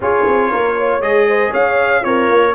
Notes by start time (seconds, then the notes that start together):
0.00 C#4 F4 G#4 C#5
0.26 C4
0.50 A#3 A#4
0.76 C#5
1.00 G#3 G#4 D#5
1.27 C5
1.50 C#4 C#5 F5
2.01 C4 F4 A#4 C#5
2.29 A#3